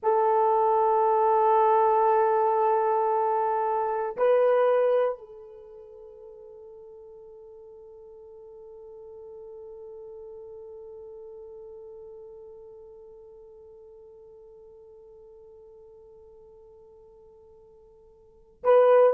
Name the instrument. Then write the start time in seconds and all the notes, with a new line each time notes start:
horn
0.02 A4
4.17 B4
5.18 A4
18.63 B4